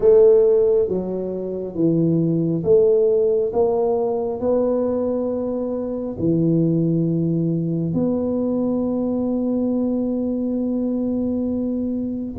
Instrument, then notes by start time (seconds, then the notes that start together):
tuba
0.00 A3
0.88 F#3
1.74 E3
2.63 A3
3.53 A#3
4.40 B3
6.18 E3
7.93 B3